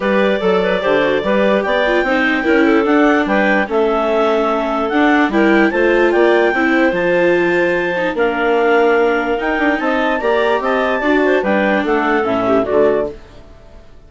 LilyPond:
<<
  \new Staff \with { instrumentName = "clarinet" } { \time 4/4 \tempo 4 = 147 d''1 | g''2. fis''4 | g''4 e''2. | fis''4 g''4 a''4 g''4~ |
g''4 a''2. | f''2. g''4 | a''4 ais''4 a''2 | g''4 fis''4 e''4 d''4 | }
  \new Staff \with { instrumentName = "clarinet" } { \time 4/4 b'4 a'8 b'8 c''4 b'4 | d''4 c''4 ais'8 a'4. | b'4 a'2.~ | a'4 ais'4 c''4 d''4 |
c''1 | ais'1 | dis''4 d''4 dis''4 d''8 c''8 | b'4 a'4. g'8 fis'4 | }
  \new Staff \with { instrumentName = "viola" } { \time 4/4 g'4 a'4 g'8 fis'8 g'4~ | g'8 f'8 dis'4 e'4 d'4~ | d'4 cis'2. | d'4 e'4 f'2 |
e'4 f'2~ f'8 dis'8 | d'2. dis'4~ | dis'4 g'2 fis'4 | d'2 cis'4 a4 | }
  \new Staff \with { instrumentName = "bassoon" } { \time 4/4 g4 fis4 d4 g4 | b4 c'4 cis'4 d'4 | g4 a2. | d'4 g4 a4 ais4 |
c'4 f2. | ais2. dis'8 d'8 | c'4 ais4 c'4 d'4 | g4 a4 a,4 d4 | }
>>